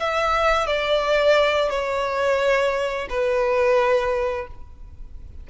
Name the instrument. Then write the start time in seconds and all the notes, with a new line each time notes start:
violin
0.00 E5
0.67 D5
1.70 C#5
3.10 B4